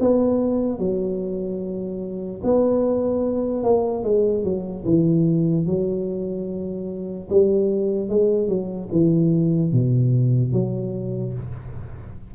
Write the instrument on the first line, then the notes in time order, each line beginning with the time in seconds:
tuba
0.00 B3
0.79 F#3
2.44 B3
3.64 A#3
4.04 G#3
4.44 F#3
4.85 E3
5.66 F#3
7.30 G3
8.09 G#3
8.48 F#3
8.92 E3
9.72 B2
10.53 F#3